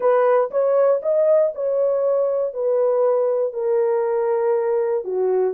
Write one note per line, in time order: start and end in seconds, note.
0.00 0.50 B4
0.50 1.01 C#5
1.02 1.52 D#5
1.54 2.53 C#5
2.53 3.53 B4
3.53 5.04 A#4
5.04 5.53 F#4